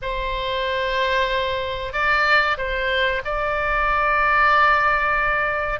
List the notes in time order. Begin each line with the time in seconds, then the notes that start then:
0.02 C5
1.92 D5
2.57 C5
3.25 D5